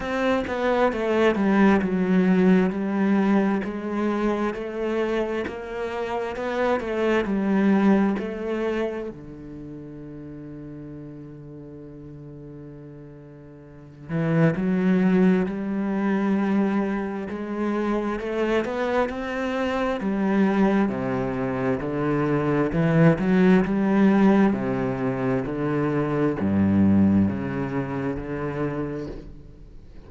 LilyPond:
\new Staff \with { instrumentName = "cello" } { \time 4/4 \tempo 4 = 66 c'8 b8 a8 g8 fis4 g4 | gis4 a4 ais4 b8 a8 | g4 a4 d2~ | d2.~ d8 e8 |
fis4 g2 gis4 | a8 b8 c'4 g4 c4 | d4 e8 fis8 g4 c4 | d4 g,4 cis4 d4 | }